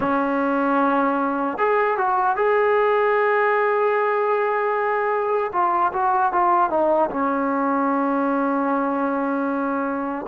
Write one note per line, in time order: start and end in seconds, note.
0.00 1.58 C#4
1.58 1.97 G#4
1.97 2.35 F#4
2.35 5.51 G#4
5.52 5.92 F4
5.92 6.32 F#4
6.32 6.70 F4
6.70 7.09 D#4
7.10 10.26 C#4